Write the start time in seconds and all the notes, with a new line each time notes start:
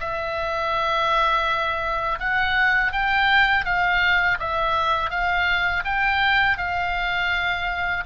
0.00 E5
2.20 F#5
2.93 G5
3.66 F5
4.40 E5
5.11 F5
5.85 G5
6.58 F5